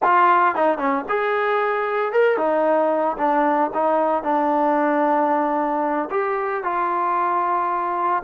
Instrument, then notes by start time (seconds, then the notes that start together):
trombone
0.02 F4
0.55 D#4
0.78 C#4
1.09 G#4
2.12 A#4
2.37 D#4
3.17 D4
3.74 D#4
4.23 D4
6.10 G4
6.63 F4